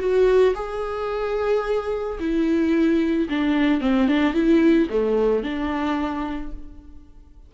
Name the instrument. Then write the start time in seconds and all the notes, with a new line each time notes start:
viola
0.00 F#4
0.55 G#4
2.20 E4
3.30 D4
3.81 C4
4.09 D4
4.34 E4
4.90 A3
5.43 D4